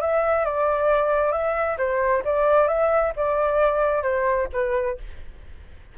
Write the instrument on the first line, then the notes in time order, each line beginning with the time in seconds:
flute
0.00 E5
0.45 D5
1.31 E5
1.77 C5
2.24 D5
2.68 E5
3.16 D5
4.02 C5
4.52 B4